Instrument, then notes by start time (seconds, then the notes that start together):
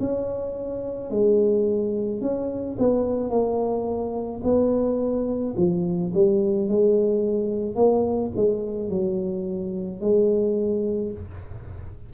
tuba
0.00 C#4
1.10 G#3
2.21 C#4
2.79 B3
3.30 A#3
4.44 B3
5.57 F3
6.14 G3
6.69 G#3
7.75 A#3
8.36 G#3
8.89 F#3
10.01 G#3